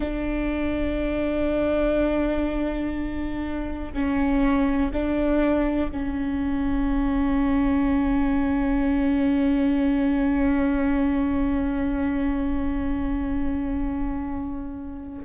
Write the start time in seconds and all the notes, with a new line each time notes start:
0.00 D4
3.93 C#4
4.92 D4
5.91 C#4